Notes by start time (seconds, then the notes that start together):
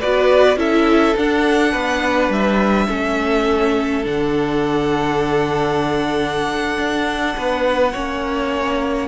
0.00 B3 F#4 B4 D5
0.56 C#4 E4 A4 E5
1.17 D4 F#5
1.72 B3 B4
2.29 G3 E5
2.88 A3 C#4 A4
4.03 D3 D4 F#5
6.78 D4
7.37 B3 B4
7.93 A#3 C#4 C#5